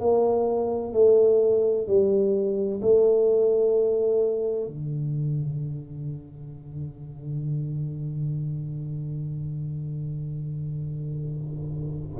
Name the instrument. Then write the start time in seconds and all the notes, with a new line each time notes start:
tuba
0.00 A#3
0.93 A3
1.87 G3
2.82 A3
4.67 D3